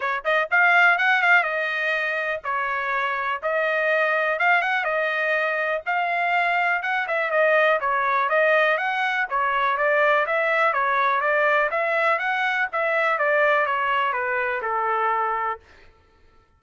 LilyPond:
\new Staff \with { instrumentName = "trumpet" } { \time 4/4 \tempo 4 = 123 cis''8 dis''8 f''4 fis''8 f''8 dis''4~ | dis''4 cis''2 dis''4~ | dis''4 f''8 fis''8 dis''2 | f''2 fis''8 e''8 dis''4 |
cis''4 dis''4 fis''4 cis''4 | d''4 e''4 cis''4 d''4 | e''4 fis''4 e''4 d''4 | cis''4 b'4 a'2 | }